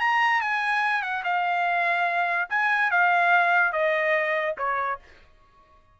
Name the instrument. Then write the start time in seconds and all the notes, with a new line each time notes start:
trumpet
0.00 A#5
0.41 G#5
1.02 F#5
1.24 F5
2.49 G#5
2.91 F5
3.72 D#5
4.58 C#5